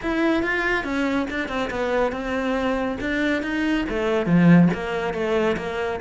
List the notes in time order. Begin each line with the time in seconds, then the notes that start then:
0.02 E4
0.42 F4
0.84 C#4
1.30 D4
1.48 C4
1.70 B3
2.12 C4
3.00 D4
3.42 D#4
3.89 A3
4.26 F3
4.73 A#3
5.13 A3
5.57 A#3